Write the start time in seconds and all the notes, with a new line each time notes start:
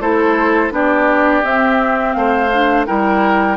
0.00 A3 E4 A4 C5
0.71 B3 D4 G4 D5
1.42 C4 E5
2.13 A3 C5 F5
2.53 D4
2.86 G3 E4 A#4 G5